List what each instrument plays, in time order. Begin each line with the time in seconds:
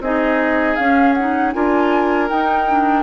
0.00 bassoon C4, clarinet D#4, oboe G#4, flute D#5
0.75 clarinet C#4, bassoon C#4, flute F5
1.13 clarinet D#4, flute F#5
1.52 bassoon D4, clarinet F4, oboe A#4, flute G#5
2.29 clarinet D#4, bassoon D#4, flute G5
2.67 clarinet D4